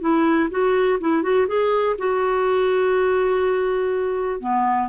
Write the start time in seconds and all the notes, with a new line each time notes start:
0.00 E4
0.50 F#4
1.00 E4
1.22 F#4
1.47 G#4
1.98 F#4
4.40 B3